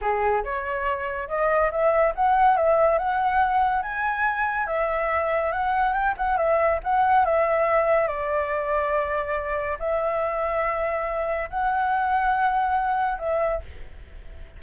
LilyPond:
\new Staff \with { instrumentName = "flute" } { \time 4/4 \tempo 4 = 141 gis'4 cis''2 dis''4 | e''4 fis''4 e''4 fis''4~ | fis''4 gis''2 e''4~ | e''4 fis''4 g''8 fis''8 e''4 |
fis''4 e''2 d''4~ | d''2. e''4~ | e''2. fis''4~ | fis''2. e''4 | }